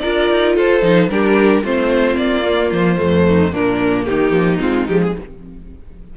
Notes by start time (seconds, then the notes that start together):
0.00 D4 F4 A#4 D5
0.31 D#4
0.56 F4 A4 C5
0.82 F3 D#4
1.09 G3 D4 G4 A#4
1.64 A3 C4 F4 C5
2.16 A#3 D5
2.43 A#3
2.72 F3 C5
2.97 F2 A3
3.27 D#4
3.53 A#2 A#3 D4 A#4
4.06 D#3 D#4 G4
4.32 F3
4.59 G#3 C4 F4
4.88 F3 G#3 G4
5.03 G#4